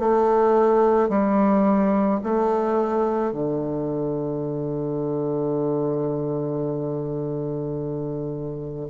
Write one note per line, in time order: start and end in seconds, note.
0.00 1.10 A3
1.10 2.21 G3
2.24 3.33 A3
3.33 8.88 D3